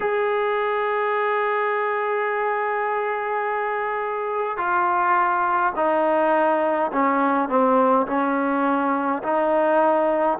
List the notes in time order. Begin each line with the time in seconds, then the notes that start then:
0.00 G#4
4.57 F4
5.75 D#4
6.92 C#4
7.48 C4
8.07 C#4
9.23 D#4